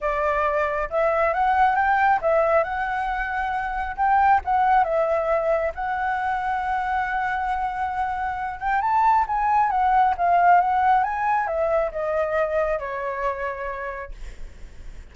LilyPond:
\new Staff \with { instrumentName = "flute" } { \time 4/4 \tempo 4 = 136 d''2 e''4 fis''4 | g''4 e''4 fis''2~ | fis''4 g''4 fis''4 e''4~ | e''4 fis''2.~ |
fis''2.~ fis''8 g''8 | a''4 gis''4 fis''4 f''4 | fis''4 gis''4 e''4 dis''4~ | dis''4 cis''2. | }